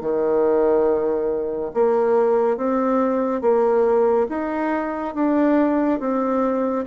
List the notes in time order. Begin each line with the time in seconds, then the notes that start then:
0.00 D#3
1.73 A#3
2.57 C4
3.41 A#3
4.29 D#4
5.14 D4
5.99 C4